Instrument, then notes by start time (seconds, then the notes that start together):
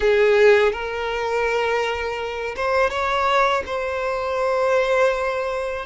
violin
0.00 G#4
0.72 A#4
2.55 C5
2.90 C#5
3.66 C5